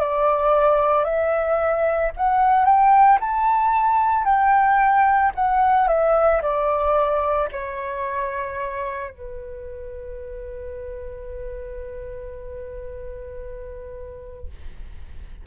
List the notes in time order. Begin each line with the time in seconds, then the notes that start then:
0.00 D5
1.05 E5
2.17 F#5
2.65 G5
3.20 A5
4.25 G5
5.36 F#5
5.88 E5
6.42 D5
7.52 C#5
9.11 B4